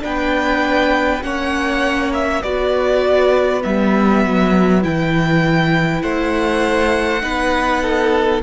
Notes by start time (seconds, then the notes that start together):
0.00 B3 D4 B4 G5
1.21 A#3 C#4 C#5 F#5
2.13 E5
2.42 B3 F#4 B4 D5
3.61 G3 B3 E5
4.25 F#3
4.81 E3 E4 G5
6.01 A3 C5 F#5
7.20 B3 D#4 B4
7.82 A4